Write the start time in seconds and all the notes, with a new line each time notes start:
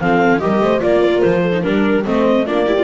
0.00 F3 C4 A4 F5
0.39 G3 G4 A#4 D#5
0.60 A3 C5
0.79 A#3 F4 D5
1.02 A#4
1.21 F3 C5
1.42 A4
1.52 D#4
1.62 G3 D4 A#4
2.04 A3 C4 C5 D#5
2.45 A#3 D4 F4 D5
2.66 E4 G4
2.77 F4